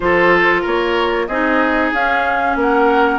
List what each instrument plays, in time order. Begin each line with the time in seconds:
0.00 bassoon F3, clarinet F4, oboe A4, flute C5
0.61 bassoon A#3, oboe A#4, flute C#5
1.26 bassoon C4, clarinet D#4, oboe G#4, flute D#5
1.92 bassoon C#4, clarinet C#4, flute F5
2.55 bassoon A#3, oboe A#4, flute F#5